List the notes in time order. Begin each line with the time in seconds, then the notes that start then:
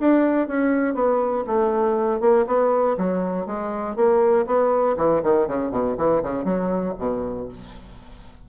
0.00 D4
0.48 C#4
0.94 B3
1.47 A3
2.20 A#3
2.47 B3
2.97 F#3
3.46 G#3
3.96 A#3
4.46 B3
4.97 E3
5.23 D#3
5.47 C#3
5.71 B2
5.97 E3
6.23 C#3
6.45 F#3
6.99 B2